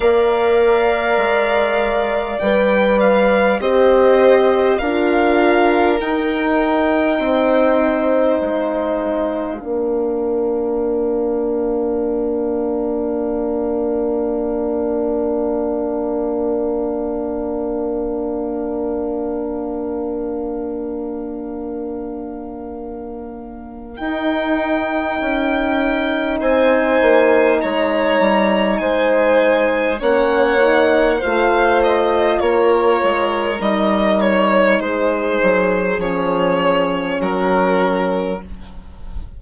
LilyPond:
<<
  \new Staff \with { instrumentName = "violin" } { \time 4/4 \tempo 4 = 50 f''2 g''8 f''8 dis''4 | f''4 g''2 f''4~ | f''1~ | f''1~ |
f''1 | g''2 gis''4 ais''4 | gis''4 fis''4 f''8 dis''8 cis''4 | dis''8 cis''8 c''4 cis''4 ais'4 | }
  \new Staff \with { instrumentName = "violin" } { \time 4/4 d''2. c''4 | ais'2 c''2 | ais'1~ | ais'1~ |
ais'1~ | ais'2 c''4 cis''4 | c''4 cis''4 c''4 ais'4~ | ais'4 gis'2 fis'4 | }
  \new Staff \with { instrumentName = "horn" } { \time 4/4 ais'2 b'4 g'4 | f'4 dis'2. | d'1~ | d'1~ |
d'1 | dis'1~ | dis'4 cis'8 dis'8 f'2 | dis'2 cis'2 | }
  \new Staff \with { instrumentName = "bassoon" } { \time 4/4 ais4 gis4 g4 c'4 | d'4 dis'4 c'4 gis4 | ais1~ | ais1~ |
ais1 | dis'4 cis'4 c'8 ais8 gis8 g8 | gis4 ais4 a4 ais8 gis8 | g4 gis8 fis8 f4 fis4 | }
>>